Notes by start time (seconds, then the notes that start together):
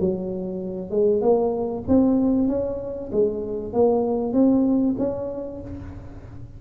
0.00 F#3
0.90 G#3
1.21 A#3
1.88 C4
2.48 C#4
3.12 G#3
3.73 A#3
4.33 C4
4.98 C#4